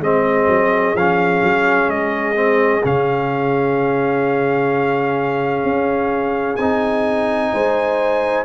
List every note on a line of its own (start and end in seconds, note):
0.00 0.47 G#3
0.00 0.97 C4
0.00 7.53 G#4
0.00 0.96 D#5
0.48 0.95 F#3
0.95 1.42 F3
0.95 2.36 C#4
0.95 1.90 F5
1.43 1.88 F#3
1.88 2.82 G#3
1.88 2.84 D#5
2.36 2.82 C4
2.84 5.64 C#3
2.84 6.59 C#4
2.84 6.57 F5
5.64 6.58 C#4
6.57 7.52 C4
6.57 8.46 D#4
6.57 8.44 G#5
7.53 8.46 G#3
7.53 8.46 C5